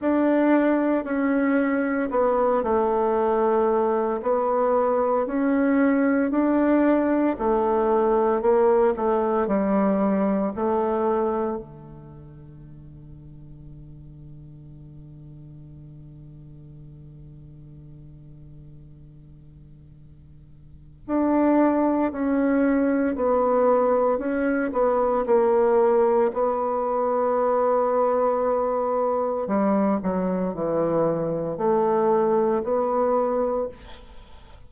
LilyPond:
\new Staff \with { instrumentName = "bassoon" } { \time 4/4 \tempo 4 = 57 d'4 cis'4 b8 a4. | b4 cis'4 d'4 a4 | ais8 a8 g4 a4 d4~ | d1~ |
d1 | d'4 cis'4 b4 cis'8 b8 | ais4 b2. | g8 fis8 e4 a4 b4 | }